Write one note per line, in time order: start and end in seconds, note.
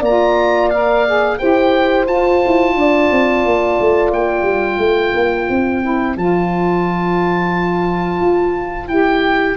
0.00 1.37 A#3
0.00 1.36 D5
0.00 0.70 A#5
0.06 0.72 F4
0.70 1.07 A#4
0.70 1.38 F5
1.07 1.38 G#4
1.38 2.07 E4
1.38 2.06 G4
1.38 2.75 C5
1.38 2.06 G5
2.07 2.41 F4
2.07 5.82 F4
2.07 4.12 A5
2.47 2.75 E4
2.75 3.10 D4
2.75 4.81 D5
3.11 3.45 C4
3.45 3.79 A#3
3.80 4.11 A3
4.11 4.42 A#3
4.11 6.17 G5
4.42 4.76 G3
4.78 5.12 A3
4.78 9.57 C5
5.14 5.48 A#3
5.50 6.16 C4
5.82 6.16 E4
6.16 8.21 F3
6.16 8.90 F4
6.16 8.88 A5
8.21 8.88 F4
8.88 9.56 E4
8.88 9.57 G4
8.88 9.57 G5